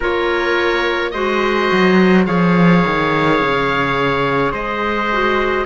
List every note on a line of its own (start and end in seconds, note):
0.00 1.14 A#3
0.00 1.13 F4
0.00 1.12 A#4
0.00 1.11 C#5
1.11 1.70 G#3
1.11 2.25 F#4
1.11 2.26 C5
1.11 2.24 D#5
1.72 2.27 F#3
2.25 2.84 F3
2.25 5.08 G#4
2.25 4.51 C#5
2.25 4.52 F5
2.86 3.40 D#3
3.40 4.52 C#3
4.51 5.65 G#3
4.51 5.65 C5
4.51 5.66 D#5
5.12 5.66 F#4